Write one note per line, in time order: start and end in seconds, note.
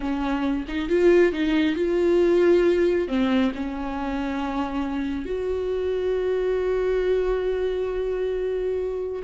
0.00 0.65 C#4
0.68 0.88 D#4
0.88 1.32 F4
1.32 1.75 D#4
1.75 3.07 F4
3.08 3.52 C4
3.55 5.25 C#4
5.25 9.22 F#4